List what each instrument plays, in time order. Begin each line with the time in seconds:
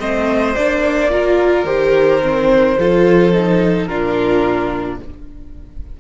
0.00 cello A3, viola C4, violin C5 D#5
0.56 cello A#3, viola D4, violin D5
1.11 viola F4, violin A#4
1.65 cello D#3, viola G4, violin C5
2.22 viola C4
2.79 cello F3, viola F4, violin A4
3.33 viola D#4
3.86 cello A#2, viola D4, violin F4 A#4